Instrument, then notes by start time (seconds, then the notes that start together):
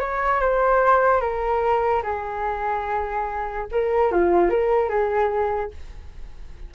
flute
0.00 C#5
0.40 C5
1.21 A#4
2.03 G#4
3.71 A#4
4.11 F4
4.50 A#4
4.89 G#4